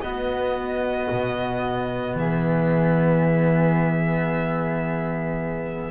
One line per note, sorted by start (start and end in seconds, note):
0.00 1.07 B3
0.00 5.91 B3
0.00 2.17 F#4
0.00 2.15 D#5
1.10 2.15 B2
2.15 5.90 E3
2.15 5.91 G#4
2.15 5.91 E5